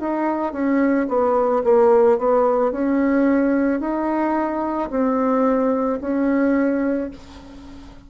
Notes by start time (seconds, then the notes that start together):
0.00 D#4
0.53 C#4
1.09 B3
1.64 A#3
2.19 B3
2.72 C#4
3.81 D#4
4.90 C4
6.01 C#4